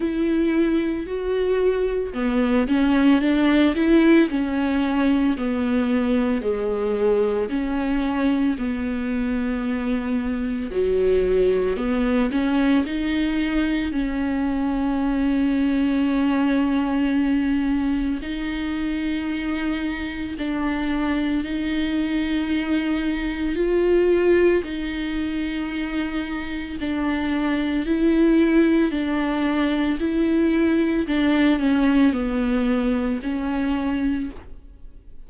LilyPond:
\new Staff \with { instrumentName = "viola" } { \time 4/4 \tempo 4 = 56 e'4 fis'4 b8 cis'8 d'8 e'8 | cis'4 b4 gis4 cis'4 | b2 fis4 b8 cis'8 | dis'4 cis'2.~ |
cis'4 dis'2 d'4 | dis'2 f'4 dis'4~ | dis'4 d'4 e'4 d'4 | e'4 d'8 cis'8 b4 cis'4 | }